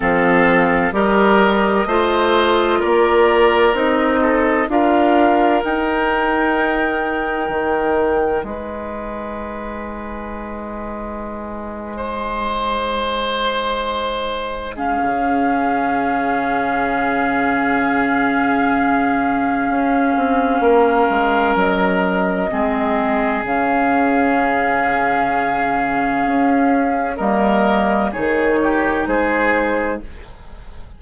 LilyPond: <<
  \new Staff \with { instrumentName = "flute" } { \time 4/4 \tempo 4 = 64 f''4 dis''2 d''4 | dis''4 f''4 g''2~ | g''4 gis''2.~ | gis''2.~ gis''8. f''16~ |
f''1~ | f''2. dis''4~ | dis''4 f''2.~ | f''4 dis''4 cis''4 c''4 | }
  \new Staff \with { instrumentName = "oboe" } { \time 4/4 a'4 ais'4 c''4 ais'4~ | ais'8 a'8 ais'2.~ | ais'4 b'2.~ | b'8. c''2. gis'16~ |
gis'1~ | gis'2 ais'2 | gis'1~ | gis'4 ais'4 gis'8 g'8 gis'4 | }
  \new Staff \with { instrumentName = "clarinet" } { \time 4/4 c'4 g'4 f'2 | dis'4 f'4 dis'2~ | dis'1~ | dis'2.~ dis'8. cis'16~ |
cis'1~ | cis'1 | c'4 cis'2.~ | cis'4 ais4 dis'2 | }
  \new Staff \with { instrumentName = "bassoon" } { \time 4/4 f4 g4 a4 ais4 | c'4 d'4 dis'2 | dis4 gis2.~ | gis1 |
cis1~ | cis4 cis'8 c'8 ais8 gis8 fis4 | gis4 cis2. | cis'4 g4 dis4 gis4 | }
>>